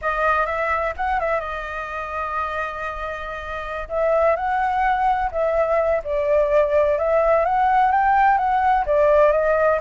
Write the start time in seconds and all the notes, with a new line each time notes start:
0.01 D#5
0.46 E5
0.96 F#5
1.20 E5
1.40 D#5
3.89 E5
4.36 F#5
5.31 E5
6.04 D5
6.98 E5
7.45 F#5
7.91 G5
8.37 F#5
8.85 D5
9.32 D#5